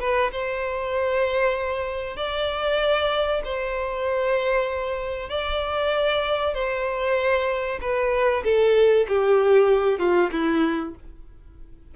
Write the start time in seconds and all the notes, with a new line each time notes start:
0.00 B4
0.32 C5
2.17 D5
3.45 C5
5.30 D5
6.55 C5
7.81 B4
8.44 A4
9.09 G4
9.99 F4
10.32 E4